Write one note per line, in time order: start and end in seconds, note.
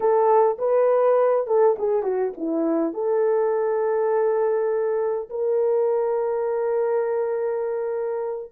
0.00 0.57 A4
0.58 1.46 B4
1.46 1.76 A4
1.78 2.02 G#4
2.02 2.32 F#4
2.37 2.93 E4
2.93 5.29 A4
5.29 8.52 A#4